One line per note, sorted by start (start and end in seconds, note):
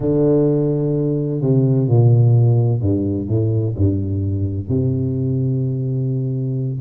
0.00 1.41 D3
1.41 1.87 C3
1.87 2.81 A#2
2.81 3.28 G2
3.28 3.75 A2
3.76 4.69 G2
4.69 6.80 C3